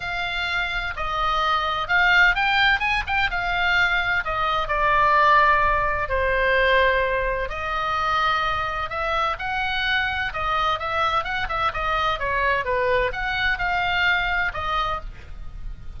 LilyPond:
\new Staff \with { instrumentName = "oboe" } { \time 4/4 \tempo 4 = 128 f''2 dis''2 | f''4 g''4 gis''8 g''8 f''4~ | f''4 dis''4 d''2~ | d''4 c''2. |
dis''2. e''4 | fis''2 dis''4 e''4 | fis''8 e''8 dis''4 cis''4 b'4 | fis''4 f''2 dis''4 | }